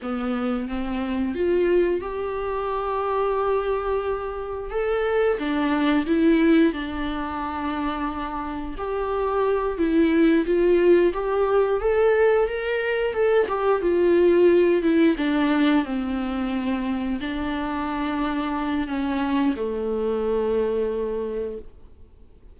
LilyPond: \new Staff \with { instrumentName = "viola" } { \time 4/4 \tempo 4 = 89 b4 c'4 f'4 g'4~ | g'2. a'4 | d'4 e'4 d'2~ | d'4 g'4. e'4 f'8~ |
f'8 g'4 a'4 ais'4 a'8 | g'8 f'4. e'8 d'4 c'8~ | c'4. d'2~ d'8 | cis'4 a2. | }